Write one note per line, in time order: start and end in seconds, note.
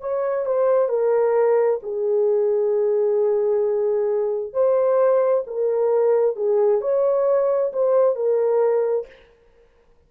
0.00 0.45 C#5
0.45 0.88 C5
0.88 1.79 A#4
1.82 4.52 G#4
4.52 5.43 C5
5.47 6.36 A#4
6.36 6.81 G#4
6.81 7.72 C#5
7.73 8.15 C5
8.15 9.06 A#4